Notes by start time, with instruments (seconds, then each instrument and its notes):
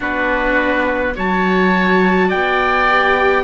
0.00 cello B3, viola D4, oboe F#4, trumpet B4
1.15 cello F#3, viola F#4, oboe C#5, trumpet A5
2.28 cello B3, oboe D5, trumpet G5
2.89 viola G4